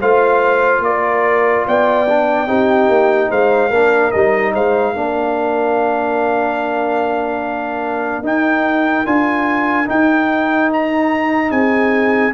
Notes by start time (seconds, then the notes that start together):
0.00 A3 F4 C5 F5
0.79 A#3 A#4 D5
1.67 B3 D5 G5
2.09 D4
2.47 C4 D#4 G4
2.88 A#3
3.29 G#3 C5 F5
3.70 A#3 D4 A#4
4.11 G3 D#4 D#5
4.54 G#3 C5 F5
4.93 A#3 D4 A#4
8.22 D#4 G5
9.05 D4 F4 G#5
9.86 D#4 G5
10.73 A#5
11.51 C4 G#4 G#5